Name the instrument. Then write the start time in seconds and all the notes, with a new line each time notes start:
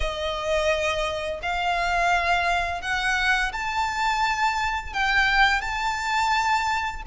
violin
0.00 D#5
1.42 F5
2.81 F#5
3.52 A5
4.93 G5
5.61 A5